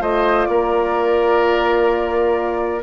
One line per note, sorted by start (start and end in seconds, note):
0.00 0.48 A3
0.00 2.83 F4
0.00 0.49 C5
0.00 0.46 D#5
0.46 2.83 A#3
0.46 2.83 A#4
0.46 2.82 D5